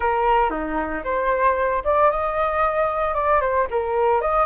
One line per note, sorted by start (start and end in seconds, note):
0.00 0.50 A#4
0.50 1.02 D#4
1.04 1.83 C5
1.84 2.10 D5
2.11 3.14 D#5
3.14 3.40 D5
3.41 3.67 C5
3.70 4.21 A#4
4.21 4.45 D#5